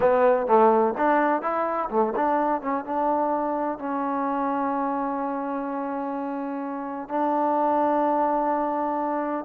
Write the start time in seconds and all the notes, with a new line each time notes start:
0.00 B3
0.46 A3
0.97 D4
1.42 E4
1.89 A3
2.15 D4
2.61 C#4
2.84 D4
3.79 C#4
7.08 D4